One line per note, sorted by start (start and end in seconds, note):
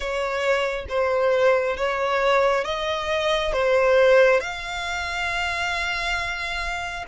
0.00 0.85 C#5
0.88 1.76 C5
1.76 2.64 C#5
2.64 3.52 D#5
3.53 4.40 C5
4.40 7.05 F5